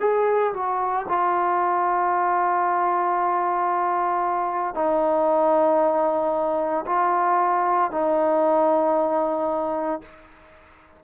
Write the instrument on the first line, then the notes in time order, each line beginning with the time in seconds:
trombone
0.00 G#4
0.53 F#4
1.08 F4
4.74 D#4
6.86 F4
7.90 D#4